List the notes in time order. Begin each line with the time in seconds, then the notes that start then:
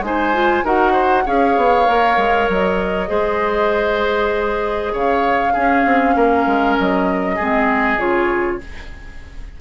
0.00 G#3 D#4 C5 G#5
0.33 F4
0.64 D#4 F#4 A#4 F#5
0.92 C5
1.26 C#4 G#4 C#5 F5
1.57 B3
1.85 A#3 A#4
2.17 G#3
2.49 F#3 D#5
3.07 G#3 G#4 C5
4.92 C#3 C#5 F5
5.53 C#4 G#4
5.85 C4
6.16 A#3 A#4
6.46 G#3
6.78 F#3 D#5
7.36 G#3 C4 G#4
7.97 C#3 F4 C#5